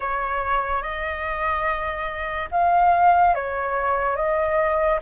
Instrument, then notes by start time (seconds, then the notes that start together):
flute
0.00 C#5
0.82 D#5
2.51 F5
3.34 C#5
4.16 D#5